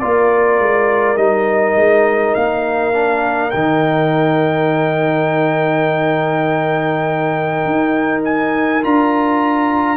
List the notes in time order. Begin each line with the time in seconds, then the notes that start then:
0.00 A#3 F4 A#4 D5
0.60 G#3
1.17 G3 D#4 D#5
1.76 G#3
2.35 A#3 F5
2.93 D4
3.51 D#3 D#4 G5
7.66 D#4
8.25 G#5
8.82 D4 F4 A#5